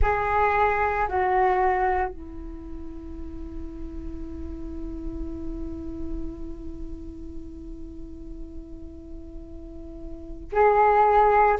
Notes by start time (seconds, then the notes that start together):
0.01 G#4
1.08 F#4
2.09 E4
10.52 G#4